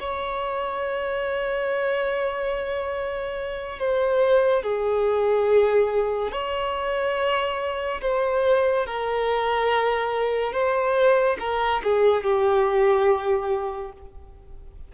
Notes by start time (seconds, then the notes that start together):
0.00 C#5
3.80 C5
4.63 G#4
6.32 C#5
8.02 C5
8.87 A#4
10.53 C5
11.40 A#4
11.84 G#4
12.24 G4